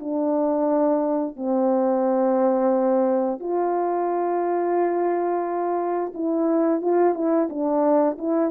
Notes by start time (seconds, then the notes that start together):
0.00 D4
1.36 C4
3.40 F4
6.15 E4
6.82 F4
7.15 E4
7.50 D4
8.18 E4